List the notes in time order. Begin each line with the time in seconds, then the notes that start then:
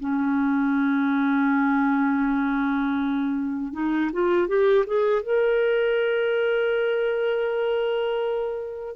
0.00 C#4
3.73 D#4
4.13 F4
4.48 G4
4.87 G#4
5.23 A#4